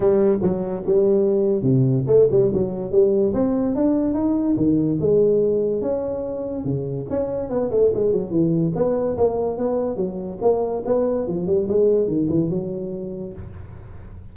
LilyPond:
\new Staff \with { instrumentName = "tuba" } { \time 4/4 \tempo 4 = 144 g4 fis4 g2 | c4 a8 g8 fis4 g4 | c'4 d'4 dis'4 dis4 | gis2 cis'2 |
cis4 cis'4 b8 a8 gis8 fis8 | e4 b4 ais4 b4 | fis4 ais4 b4 f8 g8 | gis4 dis8 e8 fis2 | }